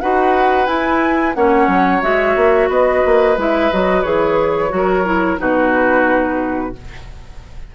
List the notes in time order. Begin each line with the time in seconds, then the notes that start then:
0.00 D#4 F#4 B4 F#5
0.66 E4 G#5
1.34 A#3 C#4 C#5 F#5
1.67 F#3
2.02 G#3 F#4 E5
2.36 A#3
2.68 B3 B4 D#5
3.05 A#3
3.37 G#3 E4 E5
3.72 F#3 F#4 D#5
4.02 E3 G#4 C#5
4.69 F#3 F#4
4.76 A#4
5.05 E4
5.38 B2 D#4 F#4 B4